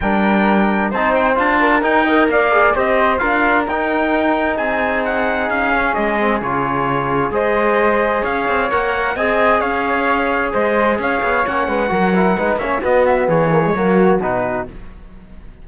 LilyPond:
<<
  \new Staff \with { instrumentName = "trumpet" } { \time 4/4 \tempo 4 = 131 g''2 a''8 g''8 a''4 | g''4 f''4 dis''4 f''4 | g''2 gis''4 fis''4 | f''4 dis''4 cis''2 |
dis''2 f''4 fis''4 | gis''4 f''2 dis''4 | f''4 fis''2~ fis''8 e''8 | dis''8 e''8 cis''2 b'4 | }
  \new Staff \with { instrumentName = "flute" } { \time 4/4 ais'2 c''4. ais'8~ | ais'8 dis''8 d''4 c''4 ais'4~ | ais'2 gis'2~ | gis'1 |
c''2 cis''2 | dis''4 cis''2 c''4 | cis''4. b'8 ais'4 b'8 cis''8 | fis'4 gis'4 fis'2 | }
  \new Staff \with { instrumentName = "trombone" } { \time 4/4 d'2 dis'4 f'4 | dis'8 ais'4 gis'8 g'4 f'4 | dis'1~ | dis'8 cis'4 c'8 f'2 |
gis'2. ais'4 | gis'1~ | gis'4 cis'4 fis'8 e'8 dis'8 cis'8 | b4. ais16 gis16 ais4 dis'4 | }
  \new Staff \with { instrumentName = "cello" } { \time 4/4 g2 c'4 d'4 | dis'4 ais4 c'4 d'4 | dis'2 c'2 | cis'4 gis4 cis2 |
gis2 cis'8 c'8 ais4 | c'4 cis'2 gis4 | cis'8 b8 ais8 gis8 fis4 gis8 ais8 | b4 e4 fis4 b,4 | }
>>